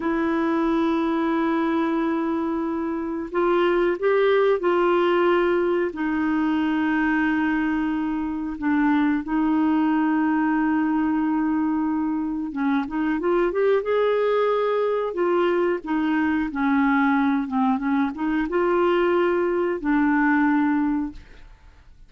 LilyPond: \new Staff \with { instrumentName = "clarinet" } { \time 4/4 \tempo 4 = 91 e'1~ | e'4 f'4 g'4 f'4~ | f'4 dis'2.~ | dis'4 d'4 dis'2~ |
dis'2. cis'8 dis'8 | f'8 g'8 gis'2 f'4 | dis'4 cis'4. c'8 cis'8 dis'8 | f'2 d'2 | }